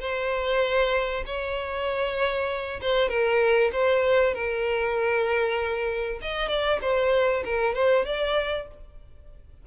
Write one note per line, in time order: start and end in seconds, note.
0.00 1.24 C5
1.26 2.80 C#5
2.81 3.09 C5
3.09 3.71 A#4
3.73 4.34 C5
4.34 6.20 A#4
6.22 6.48 D#5
6.48 6.79 D5
6.82 7.43 C5
7.45 7.74 A#4
7.74 8.05 C5
8.05 8.67 D5